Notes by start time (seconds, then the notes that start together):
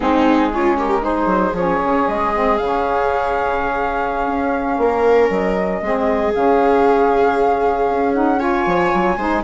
0.00 G#3 C4 D#4 G#4
0.51 C#4 F4
0.77 G4 A#4
1.01 D#4 G#4 C5
1.25 F#3
1.52 F3 C#4 C#5
1.84 C#3
2.07 G#3 D#5
2.33 C4
2.57 C#3 C#4 F5
4.26 C#4
4.77 A#3 A#4
5.29 F#3 D#5
5.81 G#3 C4 G#4
6.33 C#3 C#4 F5
7.89 C#4
8.14 D#4 F#5
8.38 F4 C#5 G#5
8.66 F3
8.93 F#3
9.16 G#3 D#4 C5